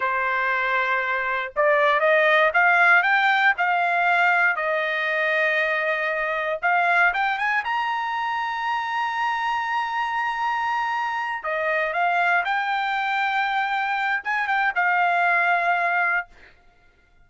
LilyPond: \new Staff \with { instrumentName = "trumpet" } { \time 4/4 \tempo 4 = 118 c''2. d''4 | dis''4 f''4 g''4 f''4~ | f''4 dis''2.~ | dis''4 f''4 g''8 gis''8 ais''4~ |
ais''1~ | ais''2~ ais''8 dis''4 f''8~ | f''8 g''2.~ g''8 | gis''8 g''8 f''2. | }